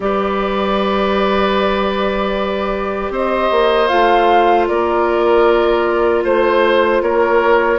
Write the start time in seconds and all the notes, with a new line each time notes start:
0.00 G3 G4 B4 D5
3.10 C4 C5 D#5
3.50 A#3
3.87 A3 F4 F5
4.67 A#3 A#4 D5
6.24 A3 C5
7.01 A#3 A#4 C#5